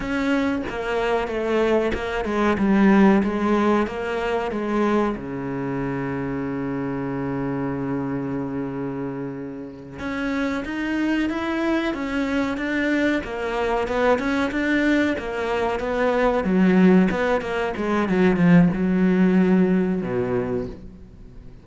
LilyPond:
\new Staff \with { instrumentName = "cello" } { \time 4/4 \tempo 4 = 93 cis'4 ais4 a4 ais8 gis8 | g4 gis4 ais4 gis4 | cis1~ | cis2.~ cis8 cis'8~ |
cis'8 dis'4 e'4 cis'4 d'8~ | d'8 ais4 b8 cis'8 d'4 ais8~ | ais8 b4 fis4 b8 ais8 gis8 | fis8 f8 fis2 b,4 | }